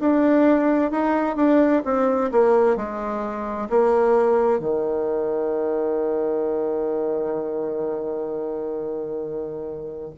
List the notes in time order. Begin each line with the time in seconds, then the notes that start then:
0.00 D4
0.91 D#4
1.36 D4
1.85 C4
2.32 A#3
2.77 G#3
3.70 A#3
4.59 D#3